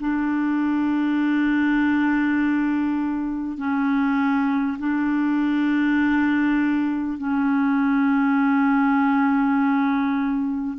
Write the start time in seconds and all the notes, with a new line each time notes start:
0.00 D4
3.57 C#4
4.78 D4
7.18 C#4